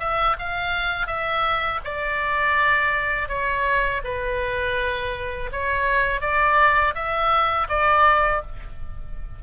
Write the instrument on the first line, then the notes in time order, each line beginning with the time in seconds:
oboe
0.00 E5
0.39 F5
1.07 E5
1.85 D5
3.29 C#5
4.04 B4
5.52 C#5
6.21 D5
6.95 E5
7.69 D5